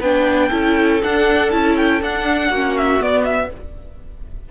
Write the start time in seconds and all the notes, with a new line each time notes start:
0.00 B3 D4 B4 G5
0.49 C#4 E4 A4
1.04 D4 F#5
1.51 C#4 E4 A5
1.77 G5
2.01 D4 F#5
2.49 A#3 C#4 F#4
2.77 E5
3.00 B3 D5
3.25 E5